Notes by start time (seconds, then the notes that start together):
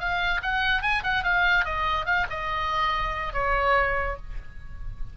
0.00 F5
0.43 F#5
0.82 G#5
1.04 F#5
1.24 F5
1.65 D#5
2.06 F5
2.30 D#5
3.34 C#5